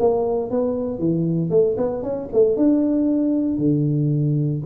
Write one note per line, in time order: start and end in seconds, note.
0.00 0.51 A#3
0.51 0.99 B3
0.99 1.51 E3
1.51 1.77 A3
1.77 2.03 B3
2.03 2.29 C#4
2.33 2.57 A3
2.57 3.58 D4
3.58 4.63 D3